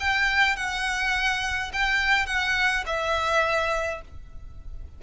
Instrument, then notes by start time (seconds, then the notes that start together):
violin
0.00 G5
0.56 F#5
1.73 G5
2.27 F#5
2.86 E5